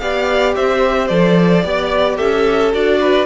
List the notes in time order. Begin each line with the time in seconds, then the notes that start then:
0.00 B3 G4 D5 F5
0.56 C4 C5 E5
1.08 F3 A4 D5
1.64 B3 G4 D5
2.17 C#4 A4 E5
2.74 D4 F#4 D5
3.01 B4